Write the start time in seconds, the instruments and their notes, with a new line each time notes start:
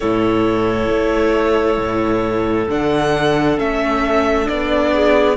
0.00 cello A2, viola E4, clarinet A4, violin C#5
0.89 cello A3
1.78 cello A2
2.69 cello D3, viola D4, violin F#5
3.57 cello A3, viola C#4, violin E5
4.45 cello B3, viola D4, violin D5
4.93 clarinet G#4